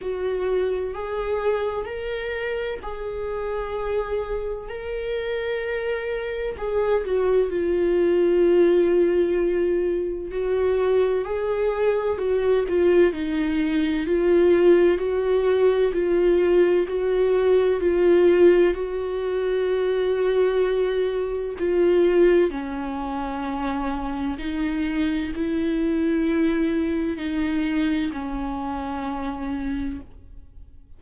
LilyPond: \new Staff \with { instrumentName = "viola" } { \time 4/4 \tempo 4 = 64 fis'4 gis'4 ais'4 gis'4~ | gis'4 ais'2 gis'8 fis'8 | f'2. fis'4 | gis'4 fis'8 f'8 dis'4 f'4 |
fis'4 f'4 fis'4 f'4 | fis'2. f'4 | cis'2 dis'4 e'4~ | e'4 dis'4 cis'2 | }